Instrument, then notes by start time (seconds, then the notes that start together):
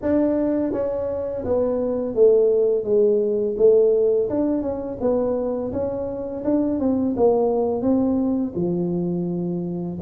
tuba
0.02 D4
0.72 C#4
1.44 B3
2.14 A3
2.84 G#3
3.57 A3
4.29 D4
4.61 C#4
5.00 B3
5.72 C#4
6.44 D4
6.79 C4
7.16 A#3
7.81 C4
8.55 F3